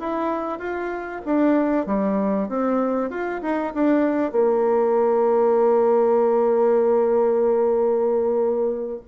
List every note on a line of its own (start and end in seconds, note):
0.00 0.60 E4
0.60 1.22 F4
1.26 1.87 D4
1.87 2.49 G3
2.49 3.11 C4
3.11 3.42 F4
3.42 3.74 D#4
3.75 4.32 D4
4.32 9.01 A#3